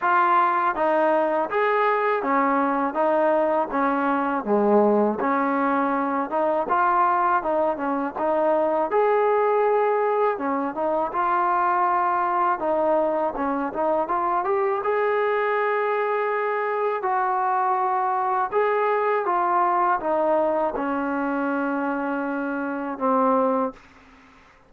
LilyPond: \new Staff \with { instrumentName = "trombone" } { \time 4/4 \tempo 4 = 81 f'4 dis'4 gis'4 cis'4 | dis'4 cis'4 gis4 cis'4~ | cis'8 dis'8 f'4 dis'8 cis'8 dis'4 | gis'2 cis'8 dis'8 f'4~ |
f'4 dis'4 cis'8 dis'8 f'8 g'8 | gis'2. fis'4~ | fis'4 gis'4 f'4 dis'4 | cis'2. c'4 | }